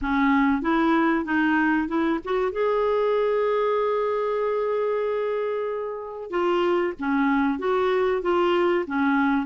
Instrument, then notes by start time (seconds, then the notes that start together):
clarinet
0.01 C#4
0.61 E4
1.25 D#4
1.87 E4
2.24 F#4
2.51 G#4
6.30 F4
6.99 C#4
7.58 F#4
8.22 F4
8.87 C#4